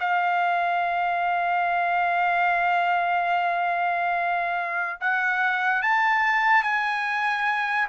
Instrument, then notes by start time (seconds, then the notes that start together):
trumpet
0.00 F5
5.00 F#5
5.82 A5
6.63 G#5